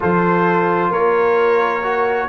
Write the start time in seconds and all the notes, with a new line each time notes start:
0.00 F3 F4 A4 C5
0.90 A#3 A#4 C#5
1.83 F#4